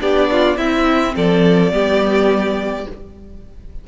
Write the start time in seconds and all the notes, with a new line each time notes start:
0.00 B3 D4 G4 D5
0.32 F4
0.57 C4 E4 E5
1.16 F3 A4 D5
1.72 G3 B3 G4